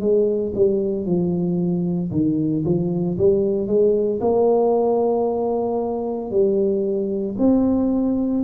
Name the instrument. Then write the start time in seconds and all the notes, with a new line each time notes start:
tuba
0.00 G#3
0.55 G3
1.05 F3
2.11 D#3
2.65 F3
3.18 G3
3.67 G#3
4.21 A#3
6.31 G3
7.38 C4